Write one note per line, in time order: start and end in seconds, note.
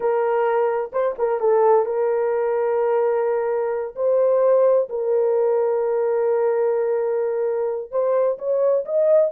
0.00 0.91 A#4
0.92 1.15 C5
1.18 1.40 A#4
1.40 1.85 A4
1.85 3.95 A#4
3.95 4.88 C5
4.89 7.91 A#4
7.91 8.37 C5
8.38 8.84 C#5
8.85 9.31 D#5